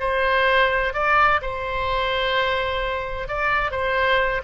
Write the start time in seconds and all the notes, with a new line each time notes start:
0.00 C5
0.94 D5
1.42 C5
3.28 D5
3.72 C5